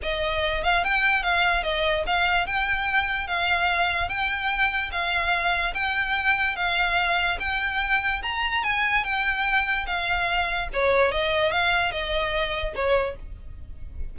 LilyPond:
\new Staff \with { instrumentName = "violin" } { \time 4/4 \tempo 4 = 146 dis''4. f''8 g''4 f''4 | dis''4 f''4 g''2 | f''2 g''2 | f''2 g''2 |
f''2 g''2 | ais''4 gis''4 g''2 | f''2 cis''4 dis''4 | f''4 dis''2 cis''4 | }